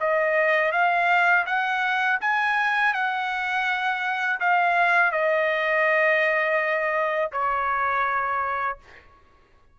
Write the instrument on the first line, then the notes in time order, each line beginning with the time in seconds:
trumpet
0.00 D#5
0.72 F5
1.46 F#5
2.21 G#5
2.94 F#5
4.40 F5
5.12 D#5
7.32 C#5